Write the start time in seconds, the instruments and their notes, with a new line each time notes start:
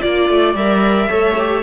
0.00 cello A#3, viola F4, violin D5
0.30 cello A3
0.54 cello G3, viola A#4, violin E5
1.09 cello A3, viola A4, violin C#5
1.38 viola G4